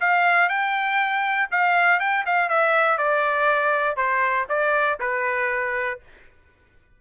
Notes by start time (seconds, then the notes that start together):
0.00 F5
0.49 G5
1.51 F5
2.00 G5
2.26 F5
2.49 E5
2.98 D5
3.97 C5
4.49 D5
5.00 B4